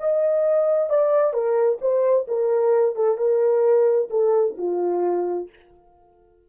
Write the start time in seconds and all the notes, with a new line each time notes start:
0.00 D#5
0.90 D5
1.33 A#4
1.81 C5
2.28 A#4
2.96 A4
3.18 A#4
4.10 A4
4.58 F4